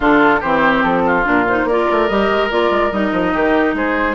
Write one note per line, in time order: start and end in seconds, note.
0.00 0.42 D3
0.00 0.42 D4
0.00 0.40 F4
0.00 0.41 A4
0.40 0.83 E3
0.40 1.24 C4
0.40 1.02 G4
0.40 0.83 C5
0.83 1.25 F3
0.83 1.25 A4
1.06 1.67 F4
1.24 1.64 A#2
1.24 1.45 D4
1.24 1.47 A#4
1.47 1.70 D#4
1.47 1.68 C5
1.64 1.85 A#3
1.64 3.33 A#4
1.64 2.08 D5
1.70 2.09 F4
1.91 2.09 A3
2.08 2.30 G3
2.08 2.50 G4
2.08 2.50 D#5
2.30 2.51 G#3
2.50 2.70 A#3
2.50 2.91 F4
2.50 2.92 D5
2.70 2.91 G#3
2.91 3.12 G3
2.91 4.14 D#4
2.91 3.75 D#5
3.12 3.33 F3
3.33 3.74 D#3
3.33 3.75 G4
3.74 4.14 G#3
3.74 4.14 G#4
3.74 4.14 C5